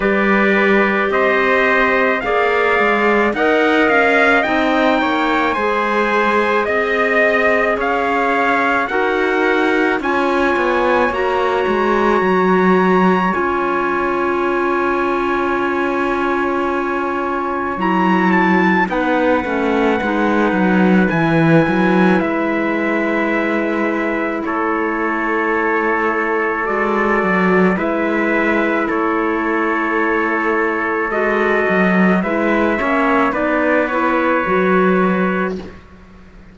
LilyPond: <<
  \new Staff \with { instrumentName = "trumpet" } { \time 4/4 \tempo 4 = 54 d''4 dis''4 f''4 fis''8 f''8 | g''4 gis''4 dis''4 f''4 | fis''4 gis''4 ais''2 | gis''1 |
ais''8 a''8 fis''2 gis''4 | e''2 cis''2 | d''4 e''4 cis''2 | dis''4 e''4 d''8 cis''4. | }
  \new Staff \with { instrumentName = "trumpet" } { \time 4/4 b'4 c''4 d''4 dis''4~ | dis''8 cis''8 c''4 dis''4 cis''4 | ais'4 cis''2.~ | cis''1~ |
cis''4 b'2.~ | b'2 a'2~ | a'4 b'4 a'2~ | a'4 b'8 cis''8 b'2 | }
  \new Staff \with { instrumentName = "clarinet" } { \time 4/4 g'2 gis'4 ais'4 | dis'4 gis'2. | fis'4 f'4 fis'2 | f'1 |
e'4 dis'8 cis'8 dis'4 e'4~ | e'1 | fis'4 e'2. | fis'4 e'8 cis'8 dis'8 e'8 fis'4 | }
  \new Staff \with { instrumentName = "cello" } { \time 4/4 g4 c'4 ais8 gis8 dis'8 cis'8 | c'8 ais8 gis4 c'4 cis'4 | dis'4 cis'8 b8 ais8 gis8 fis4 | cis'1 |
fis4 b8 a8 gis8 fis8 e8 fis8 | gis2 a2 | gis8 fis8 gis4 a2 | gis8 fis8 gis8 ais8 b4 fis4 | }
>>